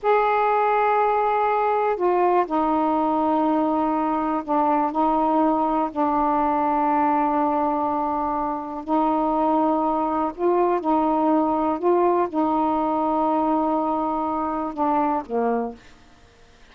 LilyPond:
\new Staff \with { instrumentName = "saxophone" } { \time 4/4 \tempo 4 = 122 gis'1 | f'4 dis'2.~ | dis'4 d'4 dis'2 | d'1~ |
d'2 dis'2~ | dis'4 f'4 dis'2 | f'4 dis'2.~ | dis'2 d'4 ais4 | }